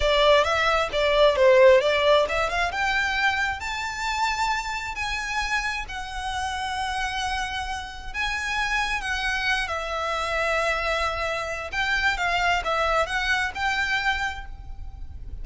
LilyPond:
\new Staff \with { instrumentName = "violin" } { \time 4/4 \tempo 4 = 133 d''4 e''4 d''4 c''4 | d''4 e''8 f''8 g''2 | a''2. gis''4~ | gis''4 fis''2.~ |
fis''2 gis''2 | fis''4. e''2~ e''8~ | e''2 g''4 f''4 | e''4 fis''4 g''2 | }